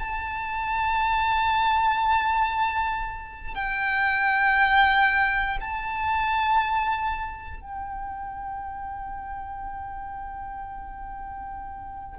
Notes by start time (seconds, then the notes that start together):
0.00 A5
3.55 G5
5.61 A5
7.61 G5